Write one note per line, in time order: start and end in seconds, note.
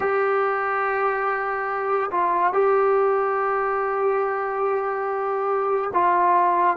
0.00 2.10 G4
2.11 2.53 F4
2.53 5.91 G4
5.93 6.76 F4